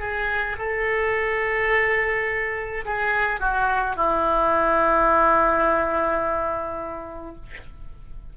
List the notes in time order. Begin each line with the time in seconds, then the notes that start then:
0.00 G#4
0.59 A4
2.86 G#4
3.40 F#4
3.96 E4